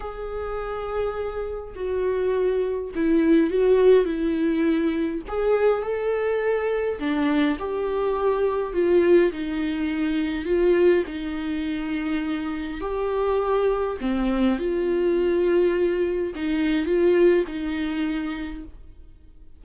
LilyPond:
\new Staff \with { instrumentName = "viola" } { \time 4/4 \tempo 4 = 103 gis'2. fis'4~ | fis'4 e'4 fis'4 e'4~ | e'4 gis'4 a'2 | d'4 g'2 f'4 |
dis'2 f'4 dis'4~ | dis'2 g'2 | c'4 f'2. | dis'4 f'4 dis'2 | }